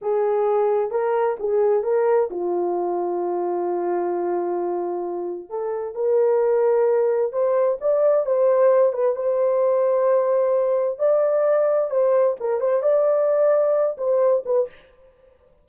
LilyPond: \new Staff \with { instrumentName = "horn" } { \time 4/4 \tempo 4 = 131 gis'2 ais'4 gis'4 | ais'4 f'2.~ | f'1 | a'4 ais'2. |
c''4 d''4 c''4. b'8 | c''1 | d''2 c''4 ais'8 c''8 | d''2~ d''8 c''4 b'8 | }